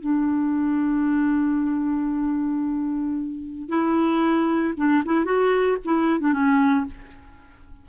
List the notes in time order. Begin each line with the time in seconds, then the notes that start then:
0.00 D4
3.69 E4
4.77 D4
5.05 E4
5.24 F#4
5.84 E4
6.20 D4
6.33 C#4